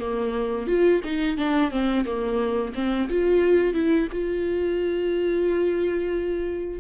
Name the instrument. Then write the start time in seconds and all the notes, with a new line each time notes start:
viola
0.00 A#3
0.67 F4
1.04 D#4
1.38 D4
1.71 C4
2.05 A#3
2.75 C4
3.09 F4
3.74 E4
4.12 F4